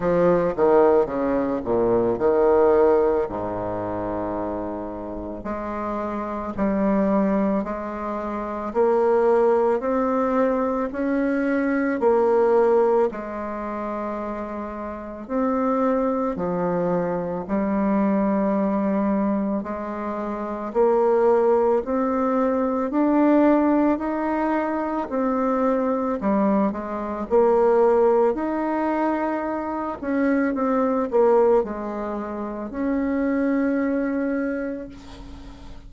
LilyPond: \new Staff \with { instrumentName = "bassoon" } { \time 4/4 \tempo 4 = 55 f8 dis8 cis8 ais,8 dis4 gis,4~ | gis,4 gis4 g4 gis4 | ais4 c'4 cis'4 ais4 | gis2 c'4 f4 |
g2 gis4 ais4 | c'4 d'4 dis'4 c'4 | g8 gis8 ais4 dis'4. cis'8 | c'8 ais8 gis4 cis'2 | }